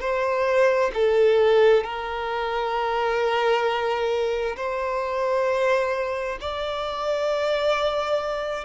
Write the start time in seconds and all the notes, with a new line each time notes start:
0.00 C5
0.94 A4
1.83 A#4
4.57 C5
6.40 D5